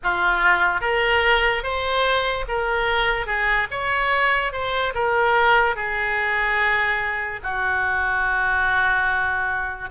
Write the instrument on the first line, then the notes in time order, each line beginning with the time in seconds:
oboe
0.03 F4
0.80 A#4
1.63 C5
2.48 A#4
3.26 G#4
3.70 C#5
4.52 C5
4.94 A#4
5.75 G#4
7.43 F#4